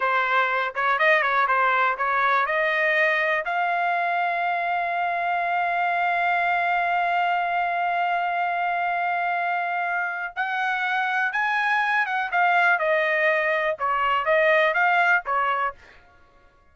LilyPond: \new Staff \with { instrumentName = "trumpet" } { \time 4/4 \tempo 4 = 122 c''4. cis''8 dis''8 cis''8 c''4 | cis''4 dis''2 f''4~ | f''1~ | f''1~ |
f''1~ | f''4 fis''2 gis''4~ | gis''8 fis''8 f''4 dis''2 | cis''4 dis''4 f''4 cis''4 | }